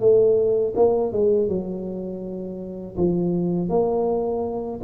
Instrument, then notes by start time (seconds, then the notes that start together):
tuba
0.00 A3
0.76 A#3
1.12 G#3
1.48 F#3
2.97 F3
3.69 A#3